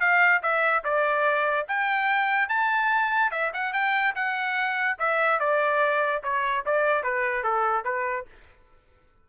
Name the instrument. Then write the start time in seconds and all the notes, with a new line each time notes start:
trumpet
0.00 F5
0.42 E5
0.84 D5
1.68 G5
2.49 A5
3.31 E5
3.54 F#5
3.73 G5
4.15 F#5
4.99 E5
5.40 D5
6.23 C#5
6.65 D5
7.03 B4
7.44 A4
7.85 B4